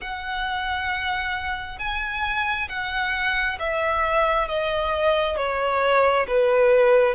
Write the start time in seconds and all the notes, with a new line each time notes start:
0.01 F#5
1.79 G#5
2.69 F#5
3.59 E5
4.48 D#5
5.36 C#5
6.27 B4